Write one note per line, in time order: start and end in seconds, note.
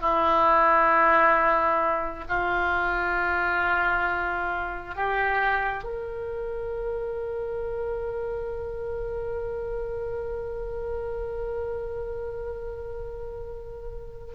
0.00 2.24 E4
2.28 4.95 F4
4.95 5.83 G4
5.83 14.34 A#4